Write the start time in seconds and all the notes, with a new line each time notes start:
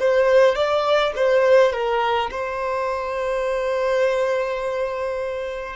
0.00 C5
0.56 D5
1.16 C5
1.73 A#4
2.31 C5